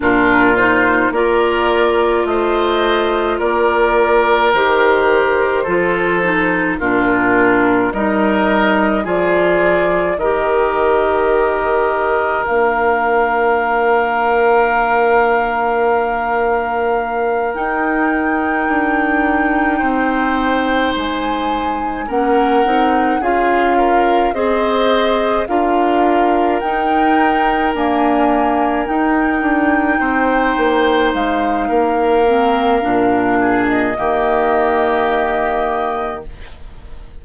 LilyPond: <<
  \new Staff \with { instrumentName = "flute" } { \time 4/4 \tempo 4 = 53 ais'8 c''8 d''4 dis''4 d''4 | c''2 ais'4 dis''4 | d''4 dis''2 f''4~ | f''2.~ f''8 g''8~ |
g''2~ g''8 gis''4 fis''8~ | fis''8 f''4 dis''4 f''4 g''8~ | g''8 gis''4 g''2 f''8~ | f''4.~ f''16 dis''2~ dis''16 | }
  \new Staff \with { instrumentName = "oboe" } { \time 4/4 f'4 ais'4 c''4 ais'4~ | ais'4 a'4 f'4 ais'4 | gis'4 ais'2.~ | ais'1~ |
ais'4. c''2 ais'8~ | ais'8 gis'8 ais'8 c''4 ais'4.~ | ais'2~ ais'8 c''4. | ais'4. gis'8 g'2 | }
  \new Staff \with { instrumentName = "clarinet" } { \time 4/4 d'8 dis'8 f'2. | g'4 f'8 dis'8 d'4 dis'4 | f'4 g'2 d'4~ | d'2.~ d'8 dis'8~ |
dis'2.~ dis'8 cis'8 | dis'8 f'4 gis'4 f'4 dis'8~ | dis'8 ais4 dis'2~ dis'8~ | dis'8 c'8 d'4 ais2 | }
  \new Staff \with { instrumentName = "bassoon" } { \time 4/4 ais,4 ais4 a4 ais4 | dis4 f4 ais,4 g4 | f4 dis2 ais4~ | ais2.~ ais8 dis'8~ |
dis'8 d'4 c'4 gis4 ais8 | c'8 cis'4 c'4 d'4 dis'8~ | dis'8 d'4 dis'8 d'8 c'8 ais8 gis8 | ais4 ais,4 dis2 | }
>>